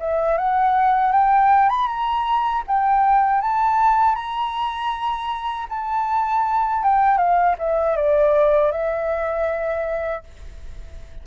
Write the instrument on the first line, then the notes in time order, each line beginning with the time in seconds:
flute
0.00 E5
0.38 F#5
1.12 G5
1.70 B5
1.87 A#5
2.68 G5
3.41 A5
4.15 A#5
5.70 A5
6.84 G5
7.18 F5
7.58 E5
7.96 D5
8.72 E5